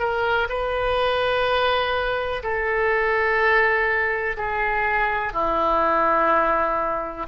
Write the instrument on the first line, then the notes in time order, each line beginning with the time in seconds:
oboe
0.00 A#4
0.50 B4
2.44 A4
4.38 G#4
5.34 E4